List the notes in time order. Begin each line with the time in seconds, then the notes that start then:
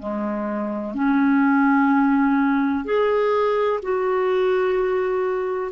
0.00 G#3
0.95 C#4
2.85 G#4
3.83 F#4